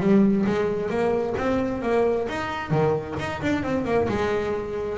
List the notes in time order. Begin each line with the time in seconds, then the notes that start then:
0.00 G3
0.46 G#3
0.90 A#3
1.38 C4
1.82 A#3
2.29 D#4
2.71 D#3
3.19 D#4
3.42 D4
3.63 C4
3.85 A#3
4.09 G#3